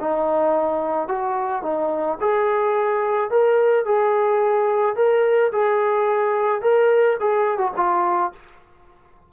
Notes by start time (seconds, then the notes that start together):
0.00 D#4
1.08 F#4
1.62 D#4
2.20 G#4
3.30 A#4
3.85 G#4
4.95 A#4
5.52 G#4
6.61 A#4
7.20 G#4
7.58 F#4
7.76 F4